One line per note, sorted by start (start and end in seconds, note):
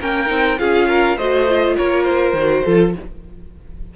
0.00 0.30 A#3
0.00 0.26 C#4
0.00 0.59 A#4
0.00 0.59 G5
0.26 0.60 C4
0.26 0.56 D#4
0.58 1.17 C#4
0.58 1.17 F4
0.58 0.89 G#4
0.58 1.17 F5
0.89 1.17 A#4
1.17 1.76 A3
1.17 1.49 F#4
1.17 1.75 C5
1.17 1.76 D#5
1.49 2.37 F4
1.77 2.33 A#3
1.77 2.64 A#4
1.77 2.04 C#5
2.04 2.92 C5
2.33 2.62 D#3
2.33 2.66 F#4
2.64 2.95 F3
2.64 2.96 F4
2.64 2.93 A4